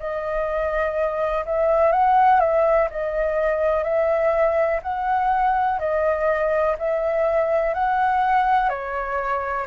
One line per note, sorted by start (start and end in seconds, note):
0.00 1.45 D#5
1.46 1.93 E5
1.93 2.41 F#5
2.41 2.89 E5
2.91 3.84 D#5
3.84 4.81 E5
4.83 5.80 F#5
5.80 6.77 D#5
6.79 7.74 E5
7.74 8.70 F#5
8.70 9.66 C#5